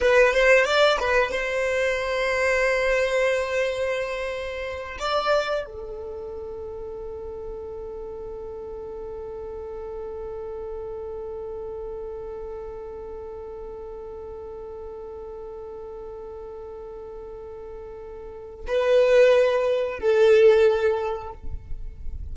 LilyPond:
\new Staff \with { instrumentName = "violin" } { \time 4/4 \tempo 4 = 90 b'8 c''8 d''8 b'8 c''2~ | c''2.~ c''8 d''8~ | d''8 a'2.~ a'8~ | a'1~ |
a'1~ | a'1~ | a'1 | b'2 a'2 | }